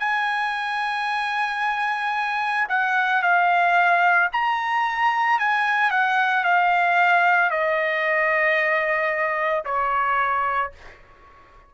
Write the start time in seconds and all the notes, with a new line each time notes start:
0.00 G#5
2.69 F#5
3.23 F5
4.33 A#5
5.40 G#5
5.91 F#5
6.45 F5
7.50 D#5
9.65 C#5